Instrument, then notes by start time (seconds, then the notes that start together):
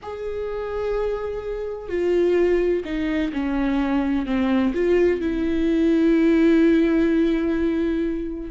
viola
0.02 G#4
1.88 F4
2.84 D#4
3.32 C#4
4.26 C4
4.74 F4
5.20 E4